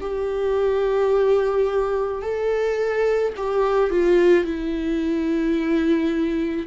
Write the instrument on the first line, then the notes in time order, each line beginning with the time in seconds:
viola
0.00 G4
2.22 A4
3.36 G4
3.90 F4
4.44 E4